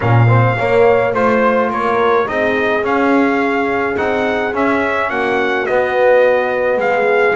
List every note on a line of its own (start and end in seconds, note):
0.00 0.58 A#2
0.00 0.27 C#4
0.00 0.27 A#4
0.00 1.14 F5
0.27 0.56 C4
0.27 0.55 C5
0.57 1.14 A#3
0.57 1.13 A#3
0.57 1.13 C#5
1.13 1.70 A3
1.13 2.25 F4
1.13 1.70 C5
1.13 1.71 C5
1.70 2.27 A#3
1.70 2.27 A#4
1.70 2.28 C#5
2.25 2.82 C4
2.25 2.82 D#4
2.25 5.09 G#4
2.25 2.84 D#5
2.82 3.95 C#4
2.82 3.96 C#4
2.82 3.97 F5
3.96 4.53 C4
3.96 4.52 D#4
3.96 4.53 F#5
4.53 5.10 C#4
4.53 5.67 C#4
4.53 5.10 E5
5.09 5.66 A#3
5.09 6.79 F#4
5.09 5.65 F#5
5.65 7.35 B3
5.65 6.77 B3
5.65 6.79 D#5
6.77 7.33 G#3
6.77 7.35 G#4
6.77 7.35 F5